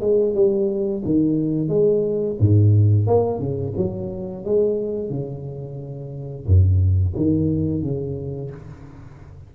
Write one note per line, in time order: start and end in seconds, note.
0.00 0.34 G#3
0.34 1.02 G3
1.05 1.68 D#3
1.68 2.36 G#3
2.39 3.07 G#2
3.07 3.39 A#3
3.39 3.73 C#3
3.76 4.44 F#3
4.44 5.10 G#3
5.10 6.46 C#3
6.46 7.14 F#2
7.16 7.82 D#3
7.82 8.50 C#3